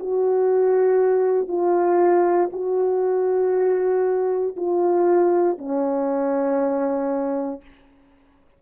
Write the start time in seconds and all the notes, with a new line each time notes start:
0.00 F#4
1.48 F4
2.52 F#4
4.57 F4
5.58 C#4